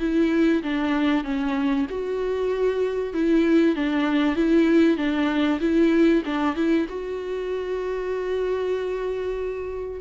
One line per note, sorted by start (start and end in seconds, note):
0.00 0.62 E4
0.63 1.24 D4
1.24 1.87 C#4
1.90 3.14 F#4
3.14 3.76 E4
3.76 4.36 D4
4.36 4.97 E4
4.97 5.60 D4
5.61 6.23 E4
6.26 6.56 D4
6.56 6.87 E4
6.89 10.01 F#4